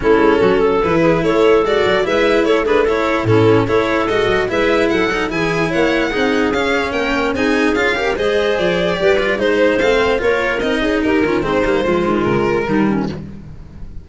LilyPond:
<<
  \new Staff \with { instrumentName = "violin" } { \time 4/4 \tempo 4 = 147 a'2 b'4 cis''4 | d''4 e''4 cis''8 b'8 cis''4 | a'4 cis''4 dis''4 e''4 | fis''4 gis''4 fis''2 |
f''4 g''4 gis''4 f''4 | dis''4 d''2 c''4 | f''4 cis''4 dis''4 ais'4 | c''2 ais'2 | }
  \new Staff \with { instrumentName = "clarinet" } { \time 4/4 e'4 fis'8 a'4 gis'8 a'4~ | a'4 b'4 a'8 gis'8 a'4 | e'4 a'2 b'4 | a'4 gis'4 cis''4 gis'4~ |
gis'4 ais'4 gis'4. ais'8 | c''2 b'4 c''4~ | c''4 ais'4. gis'8 g'8 f'8 | dis'4 f'2 dis'8 cis'8 | }
  \new Staff \with { instrumentName = "cello" } { \time 4/4 cis'2 e'2 | fis'4 e'4. d'8 e'4 | cis'4 e'4 fis'4 e'4~ | e'8 dis'8 e'2 dis'4 |
cis'2 dis'4 f'8 g'8 | gis'2 g'8 f'8 dis'4 | c'4 f'4 dis'4. cis'8 | c'8 ais8 gis2 g4 | }
  \new Staff \with { instrumentName = "tuba" } { \time 4/4 a8 gis8 fis4 e4 a4 | gis8 fis8 gis4 a2 | a,4 a4 gis8 fis8 gis4 | fis4 e4 ais4 c'4 |
cis'4 ais4 c'4 cis'4 | gis4 f4 g4 gis4 | a4 ais4 c'8 cis'8 dis'8 dis8 | gis8 g8 f8 dis8 cis4 dis4 | }
>>